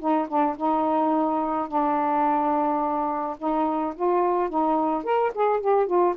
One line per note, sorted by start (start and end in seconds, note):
0.00 0.28 D#4
0.29 0.57 D4
0.58 1.69 D#4
1.69 3.37 D4
3.39 3.95 D#4
3.96 4.50 F4
4.50 5.04 D#4
5.04 5.32 A#4
5.35 5.61 G#4
5.61 5.87 G4
5.87 6.15 F4